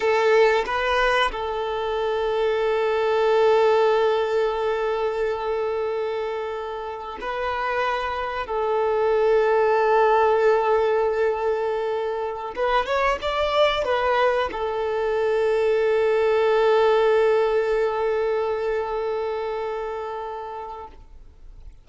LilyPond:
\new Staff \with { instrumentName = "violin" } { \time 4/4 \tempo 4 = 92 a'4 b'4 a'2~ | a'1~ | a'2. b'4~ | b'4 a'2.~ |
a'2.~ a'16 b'8 cis''16~ | cis''16 d''4 b'4 a'4.~ a'16~ | a'1~ | a'1 | }